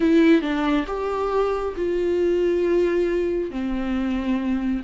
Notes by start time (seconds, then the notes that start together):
0.00 E4
0.41 D4
0.87 G4
1.76 F4
3.50 C4